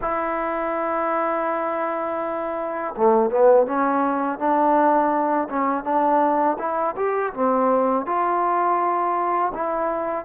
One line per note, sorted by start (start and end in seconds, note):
0.01 2.94 E4
2.96 3.30 A3
3.30 3.66 B3
3.66 4.38 C#4
4.38 5.48 D4
5.49 5.84 C#4
5.84 6.57 D4
6.59 6.95 E4
6.96 7.33 G4
7.33 8.06 C4
8.06 9.52 F4
9.54 10.25 E4